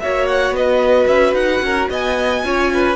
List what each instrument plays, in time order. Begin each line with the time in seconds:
0.00 cello A#3, viola F#4, violin C#5 E5
0.27 violin F#5
0.51 cello B3, violin B4 D#5
1.07 cello C#4, violin E5
1.34 cello D#4, violin F#5
1.62 cello C#4, violin A#4
1.90 cello B3, violin D#5 G#5
2.44 cello C#4, viola F4, violin C#5
2.74 violin B4